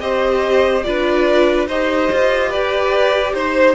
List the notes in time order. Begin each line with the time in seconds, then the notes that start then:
0.00 C4 G4 C5 D#5
0.83 D4 F4 B4 D5
1.68 D#4 G4 C5 D#5
2.12 F4
2.49 G4 B4 D5
3.34 D#4 C5